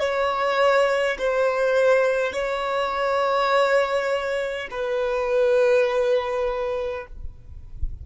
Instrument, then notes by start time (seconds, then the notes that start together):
violin
0.00 C#5
1.18 C5
2.33 C#5
4.71 B4